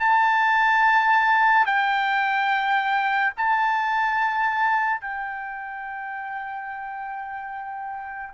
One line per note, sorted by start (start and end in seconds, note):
0.00 1.67 A5
1.67 3.33 G5
3.37 5.01 A5
5.01 8.34 G5